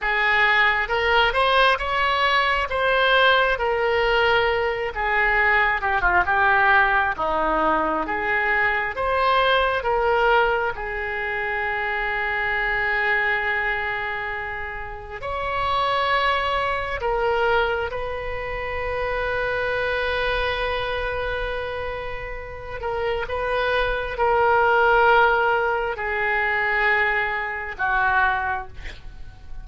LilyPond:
\new Staff \with { instrumentName = "oboe" } { \time 4/4 \tempo 4 = 67 gis'4 ais'8 c''8 cis''4 c''4 | ais'4. gis'4 g'16 f'16 g'4 | dis'4 gis'4 c''4 ais'4 | gis'1~ |
gis'4 cis''2 ais'4 | b'1~ | b'4. ais'8 b'4 ais'4~ | ais'4 gis'2 fis'4 | }